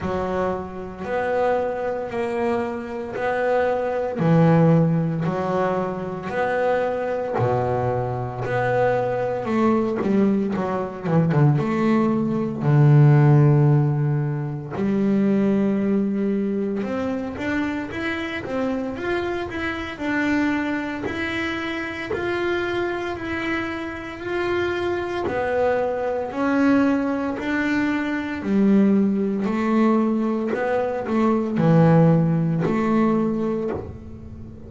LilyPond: \new Staff \with { instrumentName = "double bass" } { \time 4/4 \tempo 4 = 57 fis4 b4 ais4 b4 | e4 fis4 b4 b,4 | b4 a8 g8 fis8 e16 d16 a4 | d2 g2 |
c'8 d'8 e'8 c'8 f'8 e'8 d'4 | e'4 f'4 e'4 f'4 | b4 cis'4 d'4 g4 | a4 b8 a8 e4 a4 | }